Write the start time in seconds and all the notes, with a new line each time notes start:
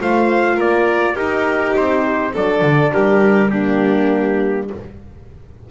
0.00 A3 F4 C5 F5
0.56 A#3 A#4 D5
1.14 D#4 G4 A#4
1.76 C4 C5
2.33 F#3 D4 A4 D5
2.62 D3
2.93 G3 G4 A#4
3.50 A#3 D4 G4